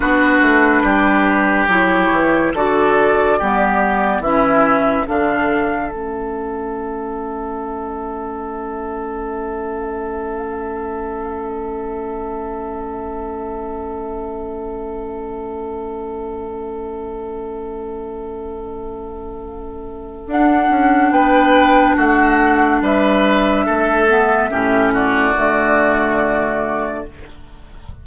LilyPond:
<<
  \new Staff \with { instrumentName = "flute" } { \time 4/4 \tempo 4 = 71 b'2 cis''4 d''4~ | d''4 e''4 f''4 e''4~ | e''1~ | e''1~ |
e''1~ | e''1 | fis''4 g''4 fis''4 e''4~ | e''4. d''2~ d''8 | }
  \new Staff \with { instrumentName = "oboe" } { \time 4/4 fis'4 g'2 a'4 | g'4 e'4 a'2~ | a'1~ | a'1~ |
a'1~ | a'1~ | a'4 b'4 fis'4 b'4 | a'4 g'8 fis'2~ fis'8 | }
  \new Staff \with { instrumentName = "clarinet" } { \time 4/4 d'2 e'4 fis'4 | b4 cis'4 d'4 cis'4~ | cis'1~ | cis'1~ |
cis'1~ | cis'1 | d'1~ | d'8 b8 cis'4 a2 | }
  \new Staff \with { instrumentName = "bassoon" } { \time 4/4 b8 a8 g4 fis8 e8 d4 | g4 e4 d4 a4~ | a1~ | a1~ |
a1~ | a1 | d'8 cis'8 b4 a4 g4 | a4 a,4 d2 | }
>>